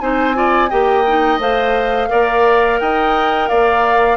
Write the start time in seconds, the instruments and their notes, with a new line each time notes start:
0.00 bassoon C4, clarinet D#4, oboe C5, flute G#5
0.34 clarinet F4, oboe D5
0.69 bassoon A#3, clarinet G4, oboe D#5, flute G5
1.06 clarinet D#4
1.38 bassoon A3, clarinet C5, flute F5
2.08 bassoon A#3, clarinet A#4, oboe D5
2.80 bassoon D#4, oboe D#5, flute G5
3.48 bassoon A#3, oboe D5, flute F5